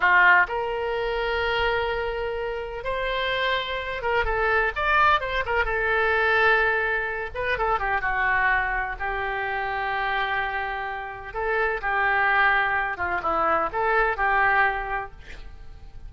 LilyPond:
\new Staff \with { instrumentName = "oboe" } { \time 4/4 \tempo 4 = 127 f'4 ais'2.~ | ais'2 c''2~ | c''8 ais'8 a'4 d''4 c''8 ais'8 | a'2.~ a'8 b'8 |
a'8 g'8 fis'2 g'4~ | g'1 | a'4 g'2~ g'8 f'8 | e'4 a'4 g'2 | }